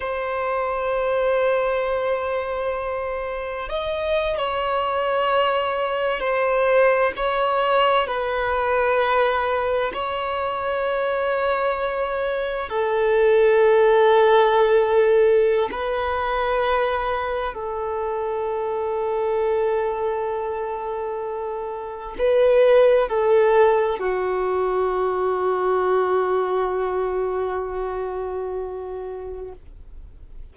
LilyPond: \new Staff \with { instrumentName = "violin" } { \time 4/4 \tempo 4 = 65 c''1 | dis''8. cis''2 c''4 cis''16~ | cis''8. b'2 cis''4~ cis''16~ | cis''4.~ cis''16 a'2~ a'16~ |
a'4 b'2 a'4~ | a'1 | b'4 a'4 fis'2~ | fis'1 | }